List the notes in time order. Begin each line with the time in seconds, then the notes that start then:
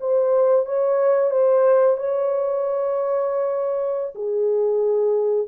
0.00 C5
0.66 C#5
1.31 C5
1.97 C#5
4.15 G#4